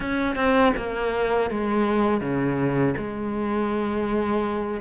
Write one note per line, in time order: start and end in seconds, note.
0.00 0.35 C#4
0.35 0.72 C4
0.76 1.50 A#3
1.50 2.20 G#3
2.20 2.95 C#3
2.97 4.80 G#3